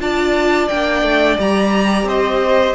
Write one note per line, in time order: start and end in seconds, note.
0.00 0.69 D4
0.00 0.70 F4
0.00 2.08 D5
0.00 0.69 A5
0.69 1.03 A#3
0.69 1.39 D4
0.69 1.37 G5
1.03 1.37 A3
1.39 2.04 G3
1.39 2.76 G4
1.39 2.08 A#5
2.04 2.73 C4
2.04 2.76 C5
2.04 2.76 D#5